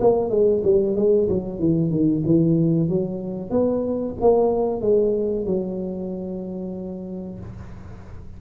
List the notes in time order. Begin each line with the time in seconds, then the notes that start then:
0.00 A#3
0.30 G#3
0.64 G3
0.96 G#3
1.28 F#3
1.59 E3
1.90 D#3
2.25 E3
2.89 F#3
3.50 B3
4.20 A#3
4.81 G#3
5.46 F#3